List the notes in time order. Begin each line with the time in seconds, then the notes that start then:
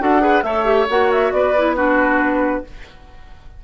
0.00 D4 F#4 A4 F#5
0.20 G#4 B4
0.43 A3 A4 C#5 E5
0.65 G4
0.89 A#3 F#4 F#5
1.12 E5
1.32 B3 B4 D5
1.57 E4
1.76 D4 F#4 B4